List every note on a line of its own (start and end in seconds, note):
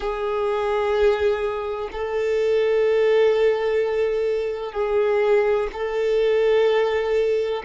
0.00 1.89 G#4
1.91 4.72 A4
4.72 5.67 G#4
5.72 7.63 A4